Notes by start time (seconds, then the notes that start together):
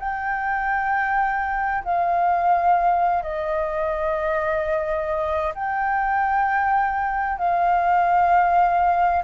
0.00 G5
1.85 F5
3.23 D#5
5.55 G5
7.39 F5